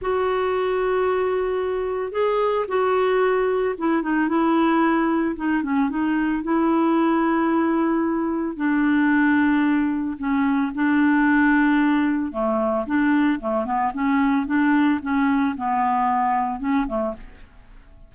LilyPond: \new Staff \with { instrumentName = "clarinet" } { \time 4/4 \tempo 4 = 112 fis'1 | gis'4 fis'2 e'8 dis'8 | e'2 dis'8 cis'8 dis'4 | e'1 |
d'2. cis'4 | d'2. a4 | d'4 a8 b8 cis'4 d'4 | cis'4 b2 cis'8 a8 | }